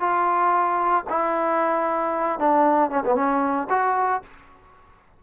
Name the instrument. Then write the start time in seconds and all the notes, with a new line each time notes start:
trombone
0.00 F4
1.10 E4
2.40 D4
2.91 C#4
3.05 B3
3.15 C#4
3.70 F#4